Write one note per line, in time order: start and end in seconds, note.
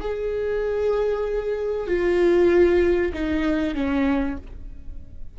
0.00 1.87 G#4
1.87 3.12 F4
3.13 3.74 D#4
3.74 4.37 C#4